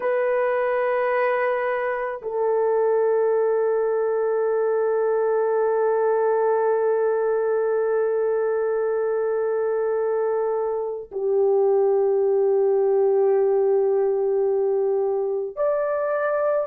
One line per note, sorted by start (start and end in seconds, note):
0.00 2.21 B4
2.22 11.11 A4
11.11 15.56 G4
15.56 16.66 D5